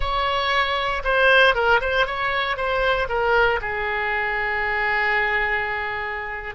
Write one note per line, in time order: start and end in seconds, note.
0.00 1.03 C#5
1.03 1.55 C5
1.55 1.80 A#4
1.80 2.06 C5
2.06 2.56 C#5
2.56 3.08 C5
3.08 3.60 A#4
3.61 6.55 G#4